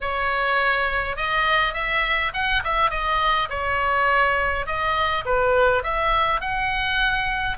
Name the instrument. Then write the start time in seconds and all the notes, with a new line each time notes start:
oboe
0.00 C#5
1.16 D#5
1.73 E5
2.33 F#5
2.63 E5
2.90 D#5
3.50 C#5
4.66 D#5
5.25 B4
5.83 E5
6.41 F#5